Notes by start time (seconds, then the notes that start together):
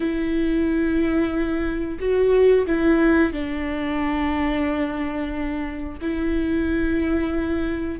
0.00 E4
1.99 F#4
2.66 E4
3.32 D4
6.01 E4